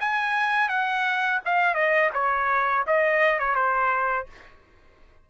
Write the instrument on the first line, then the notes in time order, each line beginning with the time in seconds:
trumpet
0.00 G#5
0.69 F#5
1.45 F5
1.75 D#5
2.14 C#5
2.87 D#5
3.39 C#5
3.55 C5